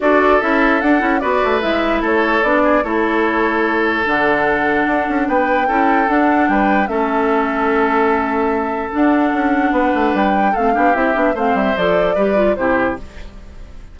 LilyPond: <<
  \new Staff \with { instrumentName = "flute" } { \time 4/4 \tempo 4 = 148 d''4 e''4 fis''4 d''4 | e''4 cis''4 d''4 cis''4~ | cis''2 fis''2~ | fis''4 g''2 fis''4 |
g''4 e''2.~ | e''2 fis''2~ | fis''4 g''4 f''4 e''4 | f''8 e''8 d''2 c''4 | }
  \new Staff \with { instrumentName = "oboe" } { \time 4/4 a'2. b'4~ | b'4 a'4. gis'8 a'4~ | a'1~ | a'4 b'4 a'2 |
b'4 a'2.~ | a'1 | b'2 a'8 g'4. | c''2 b'4 g'4 | }
  \new Staff \with { instrumentName = "clarinet" } { \time 4/4 fis'4 e'4 d'8 e'8 fis'4 | e'2 d'4 e'4~ | e'2 d'2~ | d'2 e'4 d'4~ |
d'4 cis'2.~ | cis'2 d'2~ | d'2 c'8 d'8 e'8 d'8 | c'4 a'4 g'8 f'8 e'4 | }
  \new Staff \with { instrumentName = "bassoon" } { \time 4/4 d'4 cis'4 d'8 cis'8 b8 a8 | gis4 a4 b4 a4~ | a2 d2 | d'8 cis'8 b4 cis'4 d'4 |
g4 a2.~ | a2 d'4 cis'4 | b8 a8 g4 a8 b8 c'8 b8 | a8 g8 f4 g4 c4 | }
>>